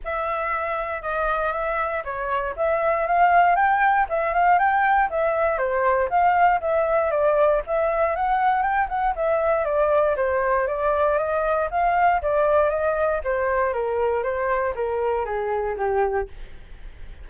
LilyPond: \new Staff \with { instrumentName = "flute" } { \time 4/4 \tempo 4 = 118 e''2 dis''4 e''4 | cis''4 e''4 f''4 g''4 | e''8 f''8 g''4 e''4 c''4 | f''4 e''4 d''4 e''4 |
fis''4 g''8 fis''8 e''4 d''4 | c''4 d''4 dis''4 f''4 | d''4 dis''4 c''4 ais'4 | c''4 ais'4 gis'4 g'4 | }